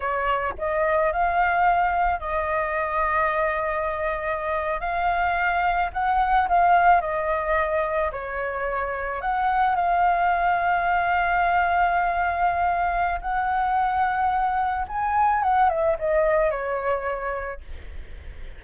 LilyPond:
\new Staff \with { instrumentName = "flute" } { \time 4/4 \tempo 4 = 109 cis''4 dis''4 f''2 | dis''1~ | dis''8. f''2 fis''4 f''16~ | f''8. dis''2 cis''4~ cis''16~ |
cis''8. fis''4 f''2~ f''16~ | f''1 | fis''2. gis''4 | fis''8 e''8 dis''4 cis''2 | }